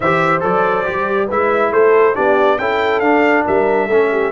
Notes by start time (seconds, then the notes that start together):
0.00 E3 G4 C5 E5
0.40 F#3 A4 D5
0.85 G3 G4
1.26 G#3 E4 B4 E5
1.71 A3 A4 C5
2.14 B3 D4 G4 D5
2.57 C#4 E4 A4 G5
3.00 D4 F5
3.45 G3 A#4 E5
3.86 A3 C#4 A4
4.11 G4